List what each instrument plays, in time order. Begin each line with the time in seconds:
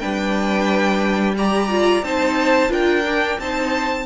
0.00 cello G3, viola D4, violin B4 G5
1.37 viola G4, violin D5 A#5
1.70 viola F4
2.03 cello C4, viola D#4, violin C5 A5
2.69 cello D4, viola F4, violin A#4 G5
3.06 viola D4
3.39 cello C4, viola D#4, violin C5 A5